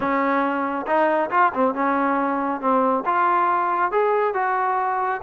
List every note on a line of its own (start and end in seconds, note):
0.00 0.86 C#4
0.86 1.30 D#4
1.30 1.52 F4
1.53 1.74 C4
1.74 2.60 C#4
2.60 3.04 C4
3.05 3.91 F4
3.91 4.34 G#4
4.34 5.21 F#4